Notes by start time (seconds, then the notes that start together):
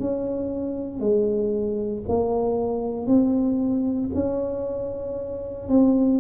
0.00 C#4
1.00 G#3
2.08 A#3
3.07 C4
4.14 C#4
5.69 C4